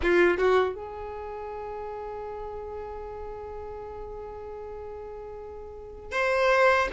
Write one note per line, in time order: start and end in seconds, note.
0.02 0.37 F4
0.37 0.74 F#4
0.74 6.11 G#4
6.11 6.88 C5